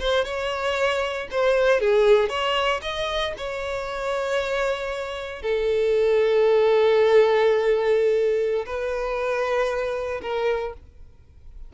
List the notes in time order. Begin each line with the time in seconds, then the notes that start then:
0.00 C5
0.25 C#5
1.32 C5
1.81 G#4
2.29 C#5
2.82 D#5
3.38 C#5
5.43 A4
8.66 B4
10.22 A#4